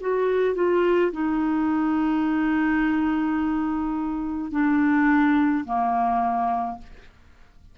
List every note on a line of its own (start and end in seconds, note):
0.00 0.55 F#4
0.55 1.11 F4
1.12 4.51 D#4
4.51 5.64 D4
5.64 6.78 A#3